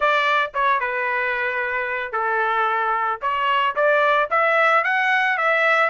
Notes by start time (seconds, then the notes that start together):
0.00 D5
0.54 C#5
0.79 B4
2.12 A4
3.21 C#5
3.75 D5
4.30 E5
4.84 F#5
5.37 E5